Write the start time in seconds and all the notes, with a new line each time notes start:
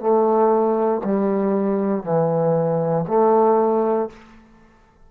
0.00 A3
1.04 G3
2.03 E3
3.08 A3